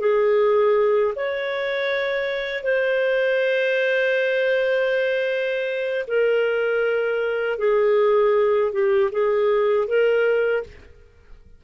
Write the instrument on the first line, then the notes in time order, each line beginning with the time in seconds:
clarinet
0.00 G#4
1.15 C#5
2.63 C5
6.07 A#4
7.58 G#4
8.72 G4
9.11 G#4
9.88 A#4